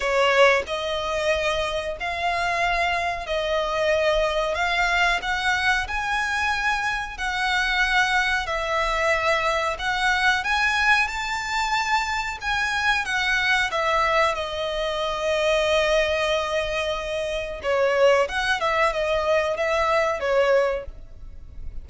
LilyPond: \new Staff \with { instrumentName = "violin" } { \time 4/4 \tempo 4 = 92 cis''4 dis''2 f''4~ | f''4 dis''2 f''4 | fis''4 gis''2 fis''4~ | fis''4 e''2 fis''4 |
gis''4 a''2 gis''4 | fis''4 e''4 dis''2~ | dis''2. cis''4 | fis''8 e''8 dis''4 e''4 cis''4 | }